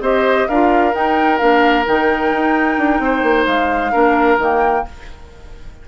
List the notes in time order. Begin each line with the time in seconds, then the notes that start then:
0.00 C4 G4 C5 D#5
0.48 D4 F4 A#4 F5
0.92 D#4 G5
1.38 A#3 D4 F5
1.85 D#3 D#4 G5
2.32 D#4
2.77 D4
2.99 C4 C5
3.22 A#3
3.46 G#3 F5
3.92 A#3 D4 A#4
4.37 D#3 A#3 G5